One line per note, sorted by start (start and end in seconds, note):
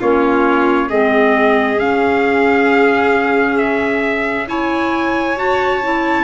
0.00 0.91 A#3
0.00 0.90 C#4
0.00 0.89 F4
0.00 0.90 C#5
0.89 1.80 G#3
0.89 1.77 C4
0.89 4.47 G#4
0.89 1.79 D#5
1.77 4.46 C#4
1.77 6.24 C#4
1.77 3.58 F5
3.58 4.47 E5
4.47 5.36 E4
4.47 6.24 C#5
4.47 5.38 G#5
5.36 5.81 F#4
5.36 6.24 A5
5.83 6.24 E4